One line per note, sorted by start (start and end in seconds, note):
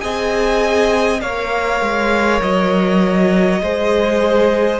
0.00 1.22 C4
0.00 1.20 G#4
0.00 1.22 D#5
0.00 1.21 G#5
1.21 1.81 A#3
1.21 3.61 A#4
1.21 3.62 C#5
1.21 2.41 F5
1.81 2.41 G#3
2.41 3.60 F#3
2.41 4.80 D#5
3.60 4.80 G#3
3.60 4.80 G#4
3.60 4.80 C5